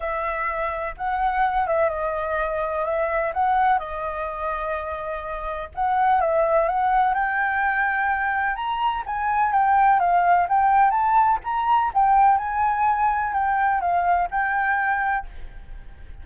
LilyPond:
\new Staff \with { instrumentName = "flute" } { \time 4/4 \tempo 4 = 126 e''2 fis''4. e''8 | dis''2 e''4 fis''4 | dis''1 | fis''4 e''4 fis''4 g''4~ |
g''2 ais''4 gis''4 | g''4 f''4 g''4 a''4 | ais''4 g''4 gis''2 | g''4 f''4 g''2 | }